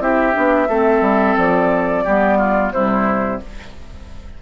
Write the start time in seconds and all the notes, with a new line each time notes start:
0.00 C4 E4 G4 E5
0.33 B3 D4
0.69 A3 C4 A4
1.01 G3
1.37 F3 D5
2.05 G3 B3 G4
2.38 F4
2.73 C3 G3 E4 C5